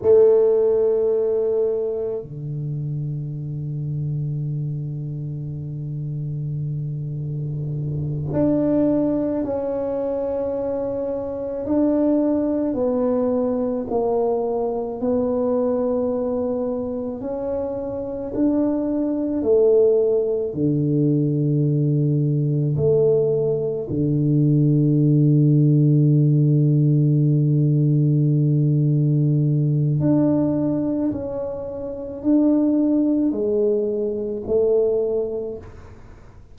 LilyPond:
\new Staff \with { instrumentName = "tuba" } { \time 4/4 \tempo 4 = 54 a2 d2~ | d2.~ d8 d'8~ | d'8 cis'2 d'4 b8~ | b8 ais4 b2 cis'8~ |
cis'8 d'4 a4 d4.~ | d8 a4 d2~ d8~ | d2. d'4 | cis'4 d'4 gis4 a4 | }